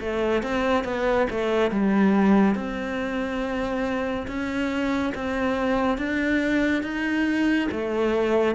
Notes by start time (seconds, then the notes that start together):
0.00 A3
0.42 C4
0.84 B3
1.30 A3
1.71 G3
2.55 C4
4.27 C#4
5.14 C4
5.98 D4
6.83 D#4
7.71 A3